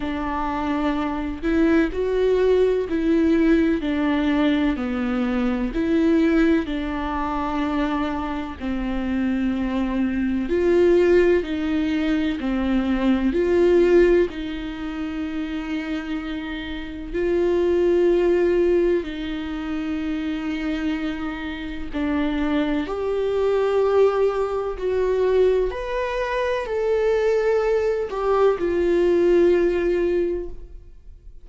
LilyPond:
\new Staff \with { instrumentName = "viola" } { \time 4/4 \tempo 4 = 63 d'4. e'8 fis'4 e'4 | d'4 b4 e'4 d'4~ | d'4 c'2 f'4 | dis'4 c'4 f'4 dis'4~ |
dis'2 f'2 | dis'2. d'4 | g'2 fis'4 b'4 | a'4. g'8 f'2 | }